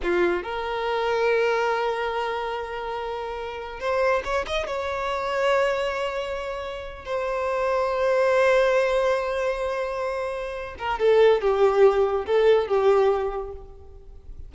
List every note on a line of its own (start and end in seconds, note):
0.02 0.43 F4
0.43 3.80 A#4
3.80 4.22 C5
4.24 4.45 C#5
4.46 4.66 D#5
4.66 7.05 C#5
7.05 10.75 C5
10.78 10.99 A#4
10.99 11.41 A4
11.41 12.25 G4
12.25 12.67 A4
12.67 13.52 G4